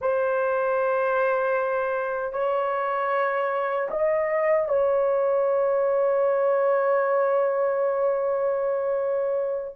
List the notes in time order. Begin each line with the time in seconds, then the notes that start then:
0.01 C5
2.32 C#5
3.90 D#5
4.68 C#5